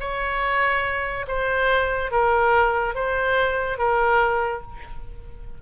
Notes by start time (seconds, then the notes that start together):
0.00 C#5
1.28 C5
2.11 A#4
2.95 C5
3.78 A#4